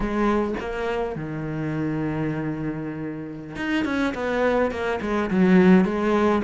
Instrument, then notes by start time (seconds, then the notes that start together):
cello
0.00 G#3
0.59 A#3
1.15 D#3
3.56 D#4
3.84 C#4
4.14 B3
4.71 A#3
5.01 G#3
5.30 F#3
5.84 G#3